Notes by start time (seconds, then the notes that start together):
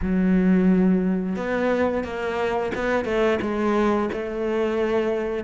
0.02 F#3
1.36 B3
2.03 A#3
2.75 B3
3.04 A3
3.41 G#3
4.12 A3